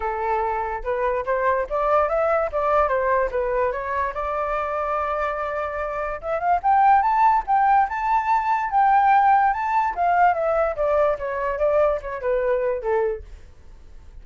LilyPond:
\new Staff \with { instrumentName = "flute" } { \time 4/4 \tempo 4 = 145 a'2 b'4 c''4 | d''4 e''4 d''4 c''4 | b'4 cis''4 d''2~ | d''2. e''8 f''8 |
g''4 a''4 g''4 a''4~ | a''4 g''2 a''4 | f''4 e''4 d''4 cis''4 | d''4 cis''8 b'4. a'4 | }